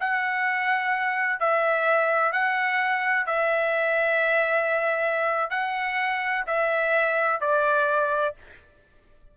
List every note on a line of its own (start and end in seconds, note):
0.00 1.40 F#5
1.40 2.32 E5
2.32 3.26 F#5
3.26 5.50 E5
5.50 6.45 F#5
6.47 7.41 E5
7.41 8.35 D5